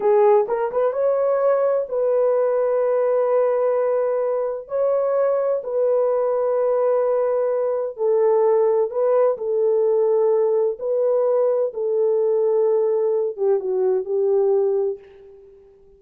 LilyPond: \new Staff \with { instrumentName = "horn" } { \time 4/4 \tempo 4 = 128 gis'4 ais'8 b'8 cis''2 | b'1~ | b'2 cis''2 | b'1~ |
b'4 a'2 b'4 | a'2. b'4~ | b'4 a'2.~ | a'8 g'8 fis'4 g'2 | }